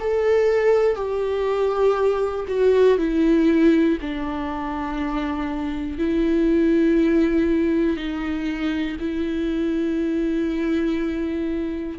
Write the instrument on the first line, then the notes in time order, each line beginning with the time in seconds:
viola
0.00 A4
0.96 G4
2.49 F#4
2.98 E4
4.01 D4
5.99 E4
7.97 D#4
9.00 E4